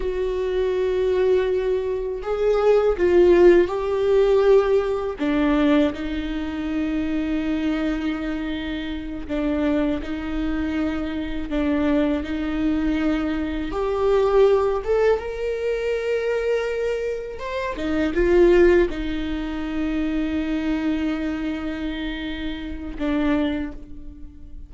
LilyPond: \new Staff \with { instrumentName = "viola" } { \time 4/4 \tempo 4 = 81 fis'2. gis'4 | f'4 g'2 d'4 | dis'1~ | dis'8 d'4 dis'2 d'8~ |
d'8 dis'2 g'4. | a'8 ais'2. c''8 | dis'8 f'4 dis'2~ dis'8~ | dis'2. d'4 | }